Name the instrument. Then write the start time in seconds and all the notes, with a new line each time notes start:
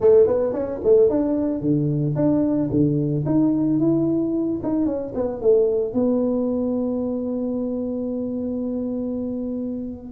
tuba
0.00 A3
0.26 B3
0.53 C#4
0.84 A3
1.09 D4
1.61 D3
2.15 D4
2.70 D3
3.25 D#4
3.79 E4
4.63 D#4
4.86 C#4
5.14 B3
5.41 A3
5.93 B3